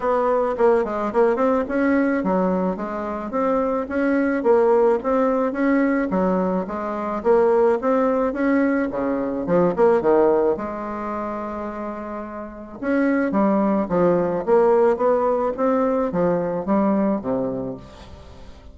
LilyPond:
\new Staff \with { instrumentName = "bassoon" } { \time 4/4 \tempo 4 = 108 b4 ais8 gis8 ais8 c'8 cis'4 | fis4 gis4 c'4 cis'4 | ais4 c'4 cis'4 fis4 | gis4 ais4 c'4 cis'4 |
cis4 f8 ais8 dis4 gis4~ | gis2. cis'4 | g4 f4 ais4 b4 | c'4 f4 g4 c4 | }